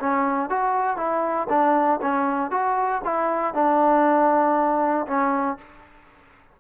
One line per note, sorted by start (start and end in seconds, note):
0.00 0.50 C#4
0.50 0.97 F#4
0.97 1.48 E4
1.50 2.00 D4
2.02 2.51 C#4
2.51 3.02 F#4
3.04 3.54 E4
3.54 5.07 D4
5.07 5.58 C#4